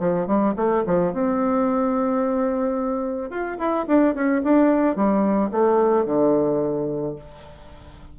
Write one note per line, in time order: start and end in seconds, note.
0.00 0.28 F3
0.28 0.55 G3
0.57 0.84 A3
0.87 1.13 F3
1.13 3.31 C4
3.31 3.58 F4
3.59 3.86 E4
3.88 4.15 D4
4.15 4.42 C#4
4.44 4.96 D4
4.96 5.51 G3
5.52 6.06 A3
6.06 7.16 D3